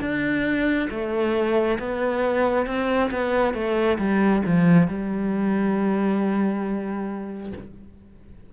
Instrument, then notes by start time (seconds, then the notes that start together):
cello
0.00 D4
0.90 A3
1.79 B3
2.66 C4
3.10 B3
3.54 A3
3.98 G3
4.46 F3
4.87 G3